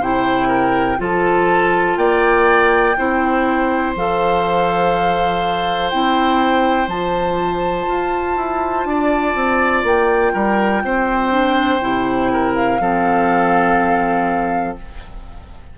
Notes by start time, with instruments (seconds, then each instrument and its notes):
0.00 bassoon C3, clarinet E4, oboe C5, flute G5
0.48 oboe A#4
0.98 bassoon F3, clarinet F4, oboe A4, flute A5
1.97 bassoon A#3, oboe D5, flute G5
2.98 bassoon C4, clarinet E4, oboe C5
3.96 bassoon F3, clarinet A4, flute F5
5.90 bassoon C4, clarinet E4, flute G5
6.88 bassoon F3, clarinet F4, flute A5
7.88 bassoon F4
8.37 bassoon E4
8.85 bassoon D4, oboe D5
9.35 bassoon C4
9.84 bassoon A#3, flute G5
10.33 bassoon G3, oboe A#4
10.84 bassoon C4, oboe C5
11.31 clarinet D4
11.81 bassoon C3, clarinet E4
12.32 oboe A#4
12.55 flute F5
12.80 bassoon F3, clarinet C4, oboe A4